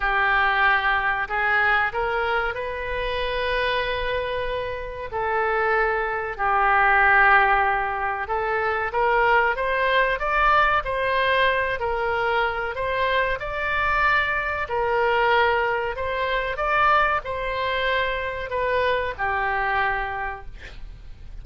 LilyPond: \new Staff \with { instrumentName = "oboe" } { \time 4/4 \tempo 4 = 94 g'2 gis'4 ais'4 | b'1 | a'2 g'2~ | g'4 a'4 ais'4 c''4 |
d''4 c''4. ais'4. | c''4 d''2 ais'4~ | ais'4 c''4 d''4 c''4~ | c''4 b'4 g'2 | }